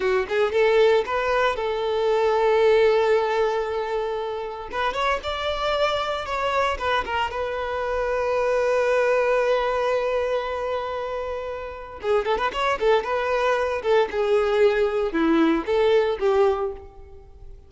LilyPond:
\new Staff \with { instrumentName = "violin" } { \time 4/4 \tempo 4 = 115 fis'8 gis'8 a'4 b'4 a'4~ | a'1~ | a'4 b'8 cis''8 d''2 | cis''4 b'8 ais'8 b'2~ |
b'1~ | b'2. gis'8 a'16 b'16 | cis''8 a'8 b'4. a'8 gis'4~ | gis'4 e'4 a'4 g'4 | }